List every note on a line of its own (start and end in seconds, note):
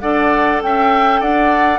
0.00 0.62 D4
0.00 1.79 A4
0.00 0.62 D5
0.00 0.60 F#5
0.62 1.22 C#4
0.62 1.20 E5
0.62 1.22 G5
1.20 1.79 D4
1.20 1.79 D5
1.20 1.79 F#5